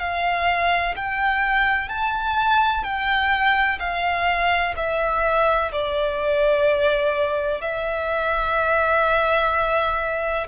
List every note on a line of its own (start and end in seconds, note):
0.00 0.95 F5
0.96 1.89 G5
1.89 2.84 A5
2.84 3.79 G5
3.79 4.74 F5
4.77 5.72 E5
5.72 7.61 D5
7.61 10.47 E5